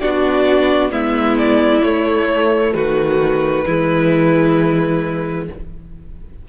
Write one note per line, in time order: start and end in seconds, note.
0.00 0.92 B3
0.00 0.91 D4
0.00 0.92 F#4
0.00 0.91 D5
0.91 1.83 G#3
0.91 1.82 B3
0.91 2.73 E4
0.91 1.37 E5
1.38 1.83 D5
1.83 3.65 A3
1.83 2.74 A3
1.83 2.73 C#5
2.74 3.65 D#3
2.74 3.65 F#4
2.74 5.47 B4
3.65 5.49 E3
3.65 5.49 G#3
3.65 5.47 E4